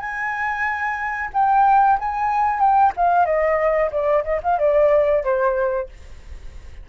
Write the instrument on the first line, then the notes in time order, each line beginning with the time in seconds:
flute
0.00 G#5
1.34 G5
1.99 G#5
2.60 G5
2.97 F5
3.25 D#5
3.91 D5
4.24 D#5
4.43 F5
4.59 D5
5.24 C5